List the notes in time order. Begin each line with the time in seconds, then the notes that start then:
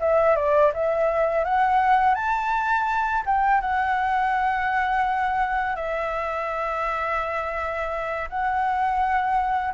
0.00 E5
0.36 D5
0.74 E5
1.45 F#5
2.15 A5
3.26 G5
3.61 F#5
5.76 E5
8.29 F#5